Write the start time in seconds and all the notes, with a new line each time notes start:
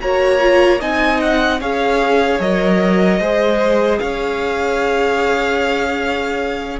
0.00 A#3 F#4 C#5 A#5
0.40 F4
0.80 C4 D#4 D#5 G#5
1.21 F#5
1.61 C#4 G#4 C#5 F5
2.40 F#3 A#4 D#5
3.20 G#3 G#4 C5
3.99 C#4 C#5 F5